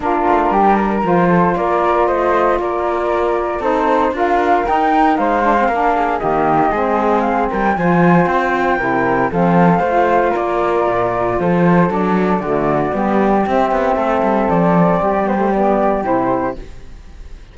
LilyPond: <<
  \new Staff \with { instrumentName = "flute" } { \time 4/4 \tempo 4 = 116 ais'2 c''4 d''4 | dis''4 d''2 c''4 | f''4 g''4 f''2 | dis''2 f''8 g''8 gis''4 |
g''2 f''2 | d''2 c''4 d''4~ | d''2 e''2 | d''4. c''8 d''4 c''4 | }
  \new Staff \with { instrumentName = "flute" } { \time 4/4 f'4 g'8 ais'4 a'8 ais'4 | c''4 ais'2 a'4 | ais'2 c''4 ais'8 gis'8 | g'4 gis'4. ais'8 c''4~ |
c''4 ais'4 a'4 c''4 | ais'2 a'2 | fis'4 g'2 a'4~ | a'4 g'2. | }
  \new Staff \with { instrumentName = "saxophone" } { \time 4/4 d'2 f'2~ | f'2. dis'4 | f'4 dis'4. d'16 c'16 d'4 | ais4 c'2 f'4~ |
f'4 e'4 c'4 f'4~ | f'2. d'4 | a4 b4 c'2~ | c'4. b16 a16 b4 e'4 | }
  \new Staff \with { instrumentName = "cello" } { \time 4/4 ais8 a8 g4 f4 ais4 | a4 ais2 c'4 | d'4 dis'4 gis4 ais4 | dis4 gis4. g8 f4 |
c'4 c4 f4 a4 | ais4 ais,4 f4 fis4 | d4 g4 c'8 b8 a8 g8 | f4 g2 c4 | }
>>